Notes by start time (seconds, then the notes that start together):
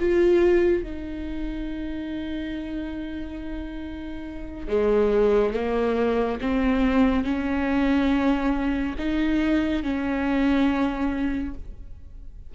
0.00 F4
0.83 D#4
4.68 G#3
5.54 A#3
6.42 C4
7.25 C#4
8.98 D#4
9.83 C#4